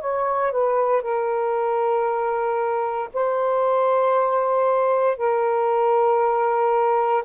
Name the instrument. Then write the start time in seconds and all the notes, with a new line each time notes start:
saxophone
0.00 C#5
0.51 B4
1.02 A#4
3.14 C5
5.17 A#4